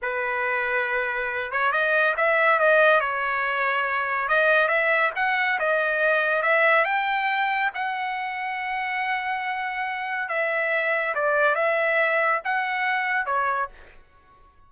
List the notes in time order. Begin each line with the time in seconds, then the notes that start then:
0.02 B4
1.51 C#5
1.72 D#5
2.16 E5
2.59 D#5
3.00 C#5
4.28 D#5
4.68 E5
5.15 F#5
5.59 D#5
6.42 E5
6.85 G5
7.74 F#5
10.29 E5
11.14 D5
11.55 E5
12.44 F#5
13.26 C#5